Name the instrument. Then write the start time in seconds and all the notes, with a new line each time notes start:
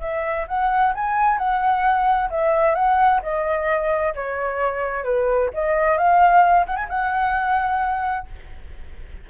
flute
0.00 E5
0.47 F#5
0.94 G#5
1.38 F#5
2.30 E5
2.74 F#5
3.22 D#5
4.14 C#5
5.04 B4
5.53 D#5
5.97 F5
6.66 F#5
6.76 G#5
6.89 F#5